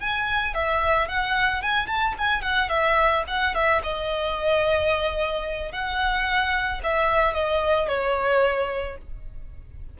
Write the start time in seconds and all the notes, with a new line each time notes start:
0.00 G#5
0.55 E5
1.09 F#5
1.63 G#5
1.87 A5
2.19 G#5
2.42 F#5
2.70 E5
3.28 F#5
3.55 E5
3.83 D#5
5.72 F#5
6.84 E5
7.34 D#5
7.89 C#5